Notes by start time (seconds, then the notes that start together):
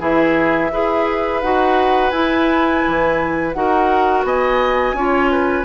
0.00 E3 E4 G#4 E5
0.72 E4 G#4 B4
1.42 D#4 F#4 F#5
2.11 E4 G#5
2.87 E3
3.53 D#4 F#4 A#4 F#5
4.24 B3 D#5 G#5
4.94 C#4 F4 C#5
5.32 B4